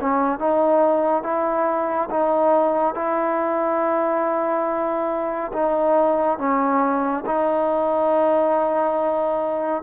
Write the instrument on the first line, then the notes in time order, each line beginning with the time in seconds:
trombone
0.00 C#4
0.39 D#4
1.23 E4
2.10 D#4
2.94 E4
5.52 D#4
6.38 C#4
7.25 D#4